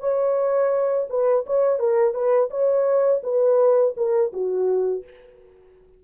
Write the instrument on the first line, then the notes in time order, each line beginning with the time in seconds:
horn
0.00 C#5
1.09 B4
1.46 C#5
1.79 A#4
2.14 B4
2.50 C#5
3.23 B4
3.96 A#4
4.32 F#4